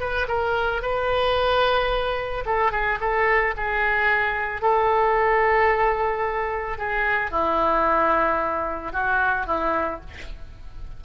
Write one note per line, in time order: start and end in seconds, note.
0.00 0.27 B4
0.28 0.82 A#4
0.82 2.44 B4
2.46 2.72 A4
2.72 2.99 G#4
3.00 3.54 A4
3.57 4.62 G#4
4.62 6.78 A4
6.78 7.31 G#4
7.31 8.92 E4
8.92 9.46 F#4
9.47 10.01 E4